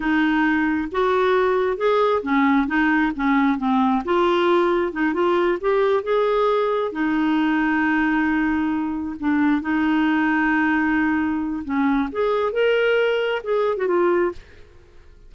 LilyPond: \new Staff \with { instrumentName = "clarinet" } { \time 4/4 \tempo 4 = 134 dis'2 fis'2 | gis'4 cis'4 dis'4 cis'4 | c'4 f'2 dis'8 f'8~ | f'8 g'4 gis'2 dis'8~ |
dis'1~ | dis'8 d'4 dis'2~ dis'8~ | dis'2 cis'4 gis'4 | ais'2 gis'8. fis'16 f'4 | }